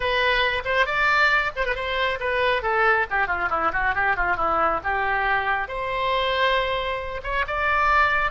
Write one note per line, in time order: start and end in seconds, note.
0.00 0.63 B4
0.65 0.85 C5
0.85 1.51 D5
1.55 1.65 C5
1.65 1.75 B4
1.75 2.18 C5
2.20 2.62 B4
2.62 3.06 A4
3.10 3.27 G4
3.27 3.49 F4
3.49 3.71 E4
3.72 3.94 F#4
3.94 4.16 G4
4.16 4.36 F4
4.36 4.80 E4
4.83 5.67 G4
5.67 7.21 C5
7.23 7.45 C#5
7.47 8.31 D5